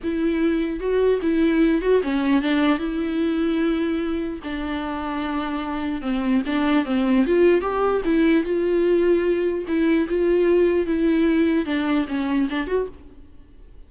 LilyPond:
\new Staff \with { instrumentName = "viola" } { \time 4/4 \tempo 4 = 149 e'2 fis'4 e'4~ | e'8 fis'8 cis'4 d'4 e'4~ | e'2. d'4~ | d'2. c'4 |
d'4 c'4 f'4 g'4 | e'4 f'2. | e'4 f'2 e'4~ | e'4 d'4 cis'4 d'8 fis'8 | }